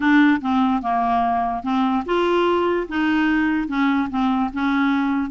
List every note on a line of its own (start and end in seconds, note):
0.00 0.40 D4
0.41 0.82 C4
0.82 1.63 A#3
1.63 2.04 C4
2.05 2.87 F4
2.88 3.68 D#4
3.68 4.09 C#4
4.10 4.50 C4
4.53 5.30 C#4